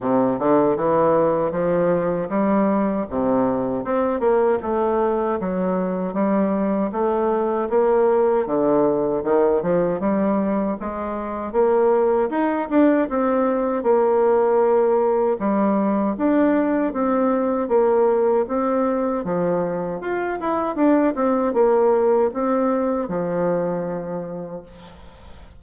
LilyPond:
\new Staff \with { instrumentName = "bassoon" } { \time 4/4 \tempo 4 = 78 c8 d8 e4 f4 g4 | c4 c'8 ais8 a4 fis4 | g4 a4 ais4 d4 | dis8 f8 g4 gis4 ais4 |
dis'8 d'8 c'4 ais2 | g4 d'4 c'4 ais4 | c'4 f4 f'8 e'8 d'8 c'8 | ais4 c'4 f2 | }